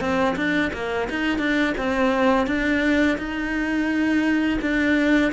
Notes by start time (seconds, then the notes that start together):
0.00 C4
0.36 D4
0.73 A#3
1.09 D#4
1.38 D4
1.77 C4
2.46 D4
3.17 D#4
4.61 D4